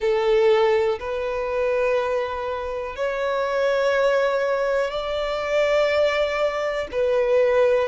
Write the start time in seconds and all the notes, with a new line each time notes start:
0.00 A4
0.99 B4
2.96 C#5
4.90 D5
6.91 B4